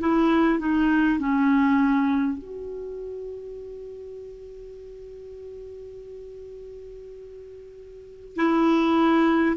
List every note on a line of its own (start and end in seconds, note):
0.00 0.59 E4
0.59 1.19 D#4
1.19 2.38 C#4
2.38 8.36 F#4
8.36 9.56 E4